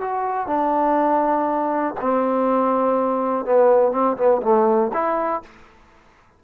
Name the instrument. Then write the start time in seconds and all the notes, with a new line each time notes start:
trombone
0.00 F#4
0.47 D4
2.00 C4
3.45 B3
3.92 C4
4.17 B3
4.42 A3
4.93 E4